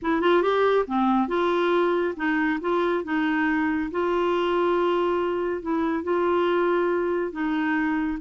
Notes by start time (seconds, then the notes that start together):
0.02 E4
0.21 F4
0.42 G4
0.87 C4
1.28 F4
2.16 D#4
2.60 F4
3.04 D#4
3.91 F4
5.61 E4
6.03 F4
7.32 D#4